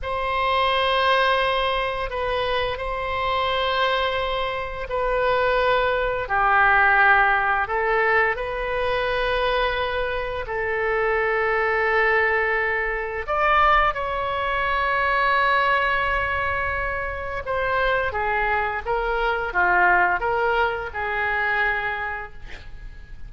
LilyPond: \new Staff \with { instrumentName = "oboe" } { \time 4/4 \tempo 4 = 86 c''2. b'4 | c''2. b'4~ | b'4 g'2 a'4 | b'2. a'4~ |
a'2. d''4 | cis''1~ | cis''4 c''4 gis'4 ais'4 | f'4 ais'4 gis'2 | }